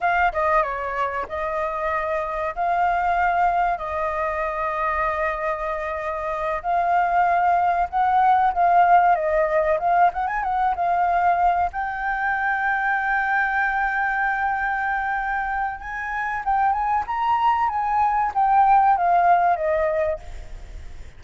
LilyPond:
\new Staff \with { instrumentName = "flute" } { \time 4/4 \tempo 4 = 95 f''8 dis''8 cis''4 dis''2 | f''2 dis''2~ | dis''2~ dis''8 f''4.~ | f''8 fis''4 f''4 dis''4 f''8 |
fis''16 gis''16 fis''8 f''4. g''4.~ | g''1~ | g''4 gis''4 g''8 gis''8 ais''4 | gis''4 g''4 f''4 dis''4 | }